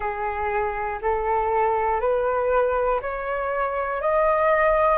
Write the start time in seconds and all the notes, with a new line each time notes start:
0.00 G#4
1.01 A4
2.00 B4
3.01 C#5
4.01 D#5